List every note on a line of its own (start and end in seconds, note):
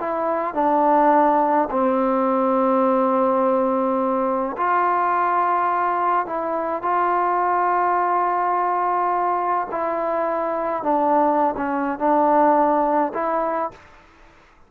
0.00 0.55 E4
0.55 1.69 D4
1.71 4.57 C4
4.58 6.26 F4
6.26 6.83 E4
6.83 9.68 F4
9.71 10.84 E4
10.84 11.55 D4
11.57 11.99 C#4
11.99 13.13 D4
13.14 13.71 E4